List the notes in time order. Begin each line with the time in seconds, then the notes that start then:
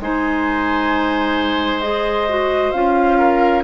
0.00 G#3 D#4 C5 G#5
1.81 G#4 D#5
2.29 F#4
2.72 C#4 F4 F5
3.18 A#4